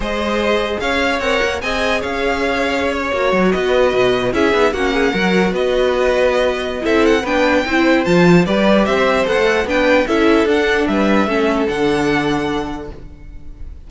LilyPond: <<
  \new Staff \with { instrumentName = "violin" } { \time 4/4 \tempo 4 = 149 dis''2 f''4 fis''4 | gis''4 f''2~ f''16 cis''8.~ | cis''8. dis''2 e''4 fis''16~ | fis''4.~ fis''16 dis''2~ dis''16~ |
dis''4 e''8 fis''8 g''2 | a''4 d''4 e''4 fis''4 | g''4 e''4 fis''4 e''4~ | e''4 fis''2. | }
  \new Staff \with { instrumentName = "violin" } { \time 4/4 c''2 cis''2 | dis''4 cis''2.~ | cis''8. b'2 gis'4 fis'16~ | fis'16 gis'8 ais'4 b'2~ b'16~ |
b'4 a'4 b'4 c''4~ | c''4 b'4 c''2 | b'4 a'2 b'4 | a'1 | }
  \new Staff \with { instrumentName = "viola" } { \time 4/4 gis'2. ais'4 | gis'2.~ gis'8. fis'16~ | fis'2~ fis'8. e'8 dis'8 cis'16~ | cis'8. fis'2.~ fis'16~ |
fis'4 e'4 d'4 e'4 | f'4 g'2 a'4 | d'4 e'4 d'2 | cis'4 d'2. | }
  \new Staff \with { instrumentName = "cello" } { \time 4/4 gis2 cis'4 c'8 ais8 | c'4 cis'2~ cis'8. ais16~ | ais16 fis8 b4 b,4 cis'8 b8 ais16~ | ais8. fis4 b2~ b16~ |
b4 c'4 b4 c'4 | f4 g4 c'4 b16 a8. | b4 cis'4 d'4 g4 | a4 d2. | }
>>